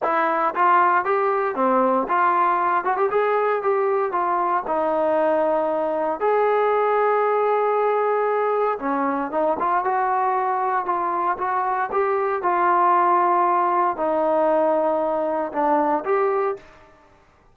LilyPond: \new Staff \with { instrumentName = "trombone" } { \time 4/4 \tempo 4 = 116 e'4 f'4 g'4 c'4 | f'4. fis'16 g'16 gis'4 g'4 | f'4 dis'2. | gis'1~ |
gis'4 cis'4 dis'8 f'8 fis'4~ | fis'4 f'4 fis'4 g'4 | f'2. dis'4~ | dis'2 d'4 g'4 | }